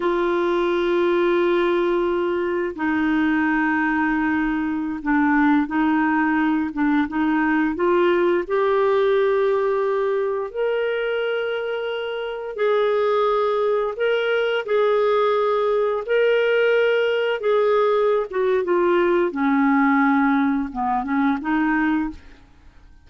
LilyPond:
\new Staff \with { instrumentName = "clarinet" } { \time 4/4 \tempo 4 = 87 f'1 | dis'2.~ dis'16 d'8.~ | d'16 dis'4. d'8 dis'4 f'8.~ | f'16 g'2. ais'8.~ |
ais'2~ ais'16 gis'4.~ gis'16~ | gis'16 ais'4 gis'2 ais'8.~ | ais'4~ ais'16 gis'4~ gis'16 fis'8 f'4 | cis'2 b8 cis'8 dis'4 | }